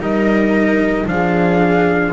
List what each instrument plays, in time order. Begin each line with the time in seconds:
0.00 double bass G3, cello D#4, viola A#4, trumpet D#5
1.07 double bass F3, cello D4, viola G#4, trumpet F5